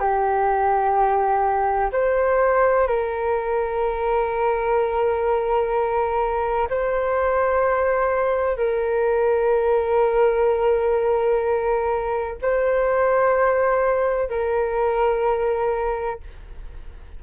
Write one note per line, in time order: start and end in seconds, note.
0.00 1.90 G4
1.93 2.87 C5
2.87 6.68 A#4
6.70 8.57 C5
8.57 12.38 A#4
12.42 14.30 C5
14.30 16.20 A#4